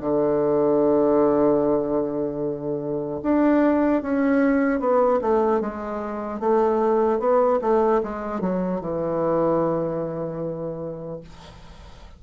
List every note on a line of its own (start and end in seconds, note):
0.00 3.20 D3
3.22 4.02 D4
4.02 4.79 C#4
4.79 5.19 B3
5.21 5.60 A3
5.60 6.39 G#3
6.39 7.19 A3
7.19 7.59 B3
7.61 8.01 A3
8.03 8.40 G#3
8.40 8.80 F#3
8.80 11.20 E3